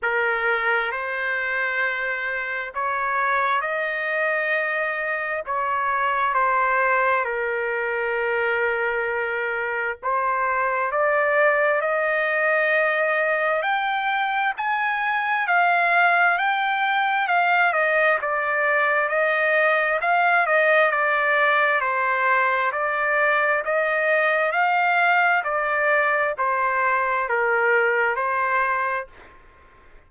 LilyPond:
\new Staff \with { instrumentName = "trumpet" } { \time 4/4 \tempo 4 = 66 ais'4 c''2 cis''4 | dis''2 cis''4 c''4 | ais'2. c''4 | d''4 dis''2 g''4 |
gis''4 f''4 g''4 f''8 dis''8 | d''4 dis''4 f''8 dis''8 d''4 | c''4 d''4 dis''4 f''4 | d''4 c''4 ais'4 c''4 | }